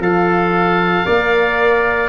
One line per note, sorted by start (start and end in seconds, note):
0.00 1.05 F3
0.00 1.06 F4
0.00 1.06 A4
0.00 2.09 F5
1.06 2.09 A#3
1.06 2.09 A#4
1.06 2.09 D5